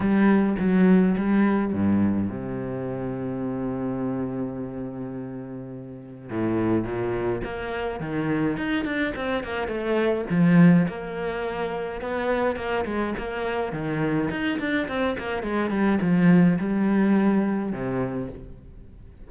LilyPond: \new Staff \with { instrumentName = "cello" } { \time 4/4 \tempo 4 = 105 g4 fis4 g4 g,4 | c1~ | c2. a,4 | ais,4 ais4 dis4 dis'8 d'8 |
c'8 ais8 a4 f4 ais4~ | ais4 b4 ais8 gis8 ais4 | dis4 dis'8 d'8 c'8 ais8 gis8 g8 | f4 g2 c4 | }